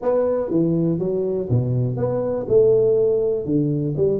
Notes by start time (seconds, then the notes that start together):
0.01 B3
0.50 E3
0.98 F#3
1.49 B2
1.96 B3
2.48 A3
3.45 D3
3.96 G3